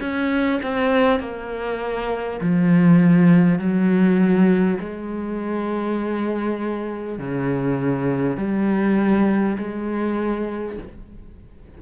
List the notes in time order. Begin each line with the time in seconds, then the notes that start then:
0.00 C#4
0.63 C4
1.20 A#3
2.41 F3
3.58 F#3
4.79 G#3
7.19 C#3
8.37 G3
9.58 G#3